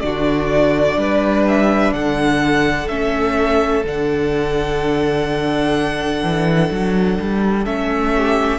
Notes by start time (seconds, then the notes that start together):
0.00 D3 D4 F#4 D5
0.96 G3 B4
1.48 E5
1.92 D3 A4 F#5
2.88 A3 C#4 E5
3.84 D3 D4 F#5
6.22 E3
6.71 F#3
7.19 G3
7.64 A3 C#4 E5
8.15 G4